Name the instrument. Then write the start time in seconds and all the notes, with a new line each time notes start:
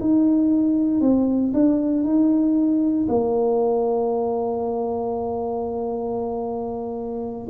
tuba
0.00 D#4
1.01 C4
1.53 D4
2.04 D#4
3.08 A#3